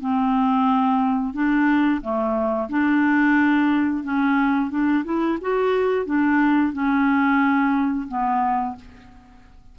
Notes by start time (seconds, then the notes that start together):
0.00 C4
1.34 D4
2.02 A3
2.69 D4
4.04 C#4
4.70 D4
5.05 E4
5.41 F#4
6.06 D4
6.73 C#4
8.08 B3